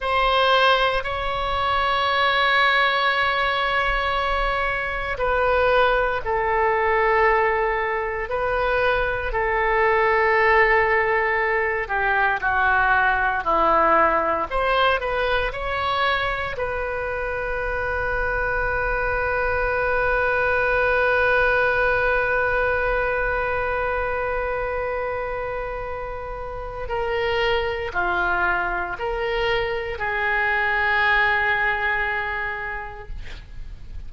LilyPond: \new Staff \with { instrumentName = "oboe" } { \time 4/4 \tempo 4 = 58 c''4 cis''2.~ | cis''4 b'4 a'2 | b'4 a'2~ a'8 g'8 | fis'4 e'4 c''8 b'8 cis''4 |
b'1~ | b'1~ | b'2 ais'4 f'4 | ais'4 gis'2. | }